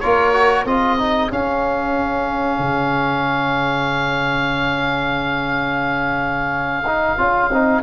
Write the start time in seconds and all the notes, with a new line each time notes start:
0.00 A#3 F4 A#4 C#5
0.34 F#4
0.65 C4 F4 G#4 D#5
0.99 D#4
1.30 C#4 F5
2.59 C#3
6.86 D#4
7.18 C#4 F4
7.50 C4 D#4